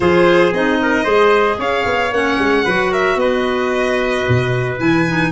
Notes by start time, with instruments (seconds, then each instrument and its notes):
0.00 tuba F3, clarinet F4, trumpet G#4, violin C5
0.52 tuba C4, clarinet D#4, violin D#5
0.81 trumpet A#4
1.04 tuba G#3, clarinet G#4, trumpet C5
1.58 tuba C#4, trumpet C#5, violin F5
1.85 tuba B3
2.11 tuba A#3, clarinet C#4, violin F#5
2.38 tuba G#3
2.64 tuba F#3, clarinet F#4, trumpet B4
2.91 trumpet A#4, violin E5
3.15 tuba B3, trumpet B4, violin D#5
4.28 tuba B2
4.77 tuba E3, clarinet E4, violin G#5
5.08 clarinet D#4